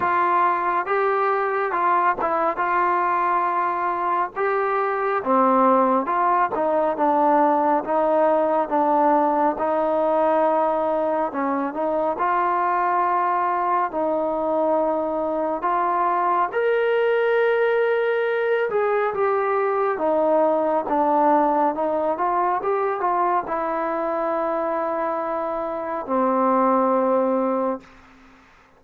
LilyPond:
\new Staff \with { instrumentName = "trombone" } { \time 4/4 \tempo 4 = 69 f'4 g'4 f'8 e'8 f'4~ | f'4 g'4 c'4 f'8 dis'8 | d'4 dis'4 d'4 dis'4~ | dis'4 cis'8 dis'8 f'2 |
dis'2 f'4 ais'4~ | ais'4. gis'8 g'4 dis'4 | d'4 dis'8 f'8 g'8 f'8 e'4~ | e'2 c'2 | }